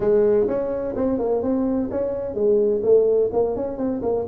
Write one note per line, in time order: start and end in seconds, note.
0.00 0.47 G#3
0.47 0.94 C#4
0.96 1.18 C4
1.18 1.42 A#3
1.42 1.89 C4
1.90 2.34 C#4
2.34 2.81 G#3
2.83 3.30 A3
3.33 3.56 A#3
3.56 3.77 C#4
3.77 4.01 C4
4.02 4.25 A#3